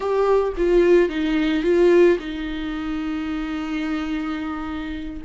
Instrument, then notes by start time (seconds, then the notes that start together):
viola
0.00 G4
0.57 F4
1.09 D#4
1.63 F4
2.19 D#4